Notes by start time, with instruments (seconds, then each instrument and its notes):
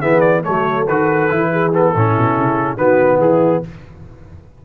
0.00 tuba E3, trombone B3, horn G#4, trumpet E5
0.21 trumpet D5
0.43 tuba F#3, trombone A3, horn A4, trumpet C#5
0.88 tuba D#3, trombone F#4, trumpet B4
1.30 tuba E3, trombone E4
1.52 horn G#4
1.73 trombone B3, trumpet A4
1.96 tuba A2, trombone C#4, horn E4
2.17 tuba B2
2.38 tuba C#3
2.77 tuba D#3, trombone B3, horn F#4, trumpet B4
3.18 tuba E3, horn E4, trumpet G#4